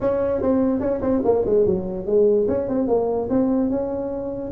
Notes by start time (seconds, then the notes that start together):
0.00 C#4
0.41 C4
0.80 C#4
1.01 C4
1.24 A#3
1.45 G#3
1.66 F#3
2.06 G#3
2.48 C#4
2.68 C4
2.87 A#3
3.29 C4
3.69 C#4